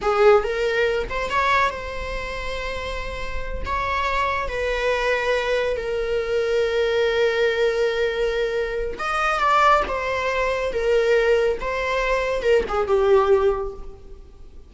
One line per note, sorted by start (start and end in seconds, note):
0.01 0.43 G#4
0.43 1.08 A#4
1.09 1.30 C5
1.30 1.69 C#5
1.69 3.62 C5
3.65 4.48 C#5
4.48 5.76 B4
5.76 8.98 A#4
8.99 9.39 D#5
9.39 9.82 D5
9.87 10.72 C5
10.72 11.58 A#4
11.60 12.42 C5
12.42 12.63 A#4
12.68 12.87 G#4
12.87 13.73 G4